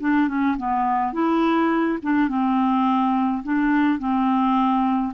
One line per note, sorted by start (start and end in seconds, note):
0.00 0.28 D4
0.28 0.56 C#4
0.57 1.12 B3
1.12 1.98 E4
2.02 2.28 D4
2.28 3.43 C4
3.43 3.98 D4
3.98 5.13 C4